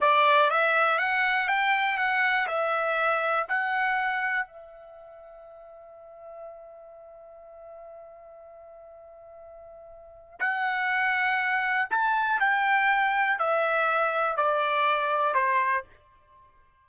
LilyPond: \new Staff \with { instrumentName = "trumpet" } { \time 4/4 \tempo 4 = 121 d''4 e''4 fis''4 g''4 | fis''4 e''2 fis''4~ | fis''4 e''2.~ | e''1~ |
e''1~ | e''4 fis''2. | a''4 g''2 e''4~ | e''4 d''2 c''4 | }